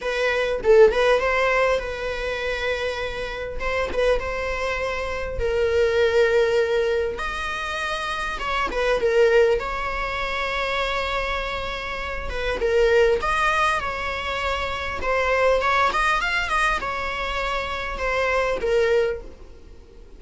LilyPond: \new Staff \with { instrumentName = "viola" } { \time 4/4 \tempo 4 = 100 b'4 a'8 b'8 c''4 b'4~ | b'2 c''8 b'8 c''4~ | c''4 ais'2. | dis''2 cis''8 b'8 ais'4 |
cis''1~ | cis''8 b'8 ais'4 dis''4 cis''4~ | cis''4 c''4 cis''8 dis''8 f''8 dis''8 | cis''2 c''4 ais'4 | }